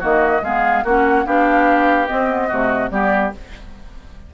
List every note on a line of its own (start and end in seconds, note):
0.00 0.42 D#3
0.00 0.42 A#3
0.00 0.41 F#4
0.00 0.44 D#5
0.42 0.84 G#3
0.42 0.87 B3
0.42 0.84 G#4
0.42 0.86 F5
0.84 1.26 A#3
0.84 1.26 C#4
0.84 1.26 F#4
0.84 1.27 F#5
1.26 2.09 B3
1.26 2.07 D4
1.26 2.48 G4
1.26 2.08 F5
2.07 2.28 C4
2.07 2.52 C4
2.07 2.91 D#5
2.28 2.49 B3
2.48 2.91 C3
2.48 2.91 A3
2.48 2.89 F#4
2.91 3.32 G3
2.91 3.32 B3
2.91 3.34 G4
2.91 3.32 D5